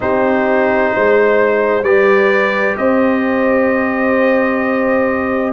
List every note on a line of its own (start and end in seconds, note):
0.00 0.93 C4
0.00 1.83 D#4
0.00 0.92 G4
0.00 1.83 C5
0.92 1.82 G#3
0.92 1.84 C5
1.82 2.74 G3
1.82 5.52 G4
1.82 2.76 B4
1.82 2.75 D5
2.77 5.52 C4
2.77 5.52 C5
2.77 5.52 D#5